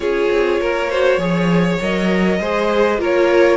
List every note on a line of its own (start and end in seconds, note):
0.00 0.28 C#4
0.00 0.90 F4
0.00 0.60 G#4
0.00 1.78 C#5
0.30 0.60 C4
0.60 1.17 A#3
0.60 0.90 A#4
0.90 1.19 F#4
0.90 1.19 C5
1.17 1.77 F3
1.17 1.79 G#4
1.17 2.39 C#5
1.81 2.39 F#3
1.81 2.42 A#4
1.81 3.01 D#5
2.39 2.98 G#3
2.39 2.98 G#4
2.39 3.00 C5
2.98 3.56 A#3
2.98 3.56 F4
2.98 3.56 A#4
2.98 3.56 C#5